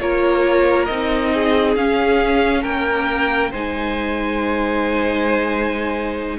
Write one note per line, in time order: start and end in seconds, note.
0.00 0.88 A#3
0.00 0.89 F4
0.00 1.33 A#4
0.00 0.85 C#5
0.85 1.76 C4
0.85 1.77 D#4
0.85 1.74 D#5
1.33 2.62 G#4
1.76 2.64 C#4
1.76 3.53 C#4
1.76 2.63 F5
2.62 3.53 A#3
2.62 3.50 A#4
2.62 3.51 G5
3.50 6.38 G#3
3.50 6.38 D#4
3.50 6.37 C5
3.50 6.38 G#5